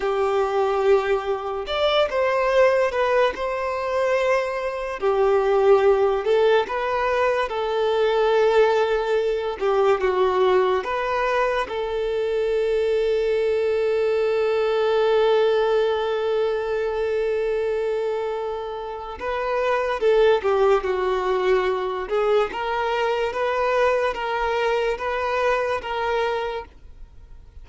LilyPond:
\new Staff \with { instrumentName = "violin" } { \time 4/4 \tempo 4 = 72 g'2 d''8 c''4 b'8 | c''2 g'4. a'8 | b'4 a'2~ a'8 g'8 | fis'4 b'4 a'2~ |
a'1~ | a'2. b'4 | a'8 g'8 fis'4. gis'8 ais'4 | b'4 ais'4 b'4 ais'4 | }